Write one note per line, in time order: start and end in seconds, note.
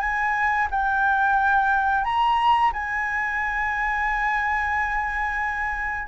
0.00 0.67 G#5
0.71 2.04 G5
2.04 2.72 A#5
2.73 6.07 G#5